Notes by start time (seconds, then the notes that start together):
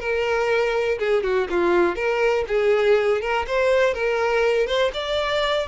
0.00 A#4
0.99 G#4
1.23 F#4
1.50 F4
1.96 A#4
2.48 G#4
3.21 A#4
3.47 C5
3.94 A#4
4.67 C5
4.94 D5